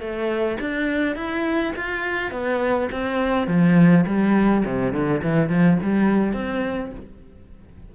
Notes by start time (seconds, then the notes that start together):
0.00 A3
0.61 D4
1.16 E4
1.76 F4
2.31 B3
2.92 C4
3.47 F3
4.06 G3
4.65 C3
4.93 D3
5.23 E3
5.49 F3
5.83 G3
6.34 C4